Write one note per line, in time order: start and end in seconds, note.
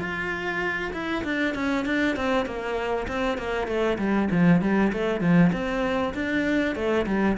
0.00 0.92 F4
0.93 1.24 E4
1.24 1.55 D4
1.55 1.86 C#4
1.86 2.17 D4
2.17 2.46 C4
2.46 3.07 A#3
3.08 3.38 C4
3.38 3.68 A#3
3.68 3.98 A3
3.99 4.29 G3
4.32 4.62 F3
4.62 4.92 G3
4.93 5.21 A3
5.21 5.52 F3
5.53 6.14 C4
6.15 6.76 D4
6.76 7.06 A3
7.07 7.37 G3